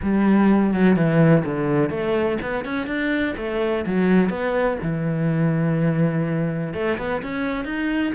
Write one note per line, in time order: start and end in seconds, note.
0.02 0.73 G3
0.73 0.95 F#3
0.95 1.43 E3
1.44 1.89 D3
1.89 2.37 A3
2.42 2.64 B3
2.64 2.86 C#4
2.86 3.34 D4
3.37 3.85 A3
3.86 4.29 F#3
4.29 4.77 B3
4.82 6.73 E3
6.73 6.97 A3
6.98 7.22 B3
7.22 7.65 C#4
7.65 8.13 D#4